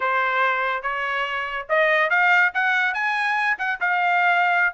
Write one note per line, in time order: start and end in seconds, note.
0.00 0.82 C5
0.82 1.66 C#5
1.69 2.10 D#5
2.10 2.52 F5
2.54 2.94 F#5
2.94 3.57 G#5
3.58 3.79 F#5
3.80 4.74 F5